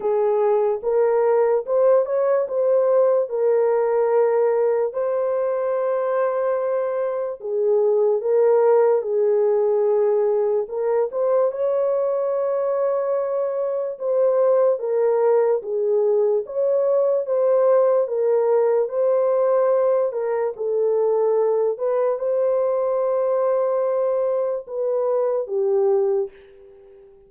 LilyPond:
\new Staff \with { instrumentName = "horn" } { \time 4/4 \tempo 4 = 73 gis'4 ais'4 c''8 cis''8 c''4 | ais'2 c''2~ | c''4 gis'4 ais'4 gis'4~ | gis'4 ais'8 c''8 cis''2~ |
cis''4 c''4 ais'4 gis'4 | cis''4 c''4 ais'4 c''4~ | c''8 ais'8 a'4. b'8 c''4~ | c''2 b'4 g'4 | }